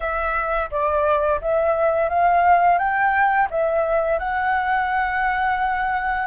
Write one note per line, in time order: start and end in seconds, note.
0.00 0.70 E5
0.70 1.40 D5
1.41 2.09 E5
2.09 2.78 F5
2.78 3.48 G5
3.50 4.19 E5
4.19 6.26 F#5